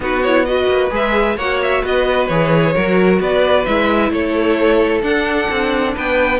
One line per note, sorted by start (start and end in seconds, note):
0.00 0.66 B3
0.00 0.23 D#4
0.00 0.46 F#4
0.00 0.23 B4
0.23 0.47 E4
0.23 0.45 C#5
0.45 0.90 F#4
0.45 1.36 B4
0.45 0.90 D#5
0.68 0.90 A#3
0.90 1.36 G#3
0.90 1.36 G#4
0.90 1.37 E5
1.36 1.82 A#3
1.36 2.30 F#4
1.36 1.82 C#5
1.36 1.60 F#5
1.62 1.84 E5
1.82 2.29 B3
1.82 2.73 B4
1.82 2.27 D#5
2.27 2.74 E3
2.27 2.74 G#4
2.27 3.18 C#5
2.74 3.19 F#3
2.74 3.66 F#4
2.74 3.20 A#4
3.19 3.65 B3
3.19 4.11 B4
3.19 3.65 D5
3.65 4.10 G#3
3.65 5.02 E4
3.65 4.11 E5
4.10 5.02 A3
4.10 5.94 A4
4.10 5.02 C#5
5.02 5.48 D4
5.02 6.40 D4
5.02 5.94 F#5
5.49 5.95 C4
5.94 6.40 B3
5.94 6.40 B4
5.94 6.40 G5